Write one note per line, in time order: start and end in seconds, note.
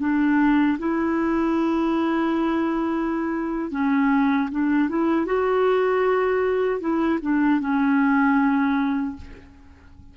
0.00 0.78 D4
0.79 3.71 E4
3.71 4.49 C#4
4.51 4.89 D4
4.89 5.26 E4
5.26 6.80 F#4
6.80 7.19 E4
7.22 7.60 D4
7.60 9.16 C#4